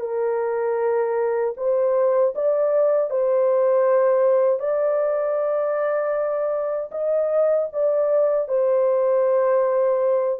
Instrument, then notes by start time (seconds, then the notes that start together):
horn
0.00 A#4
1.57 C5
2.35 D5
3.10 C5
4.59 D5
6.91 D#5
7.72 D5
8.48 C5